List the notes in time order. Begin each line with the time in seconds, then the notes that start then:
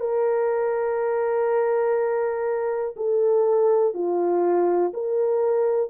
0.00 A#4
2.96 A4
3.94 F4
4.94 A#4